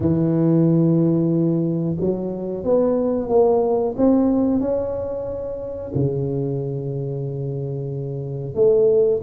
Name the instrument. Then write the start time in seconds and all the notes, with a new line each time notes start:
tuba
0.00 E3
2.00 F#3
2.64 B3
3.29 A#3
3.97 C4
4.60 C#4
5.94 C#3
8.54 A3